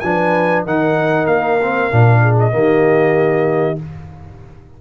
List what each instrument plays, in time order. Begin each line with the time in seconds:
0.00 tuba F3, trombone D4, trumpet G#5
0.06 horn B4
0.65 tuba D#3, trombone D#4, horn A#4, trumpet F#5
1.27 tuba A#3, trumpet F5
1.63 trombone C4
1.92 tuba A#2, trombone D4
2.22 horn G#4
2.40 trumpet D#5
2.52 tuba D#3, trombone A#3, horn G4